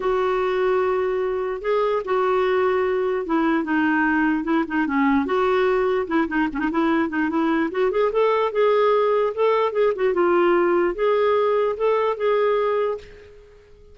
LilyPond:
\new Staff \with { instrumentName = "clarinet" } { \time 4/4 \tempo 4 = 148 fis'1 | gis'4 fis'2. | e'4 dis'2 e'8 dis'8 | cis'4 fis'2 e'8 dis'8 |
cis'16 dis'16 e'4 dis'8 e'4 fis'8 gis'8 | a'4 gis'2 a'4 | gis'8 fis'8 f'2 gis'4~ | gis'4 a'4 gis'2 | }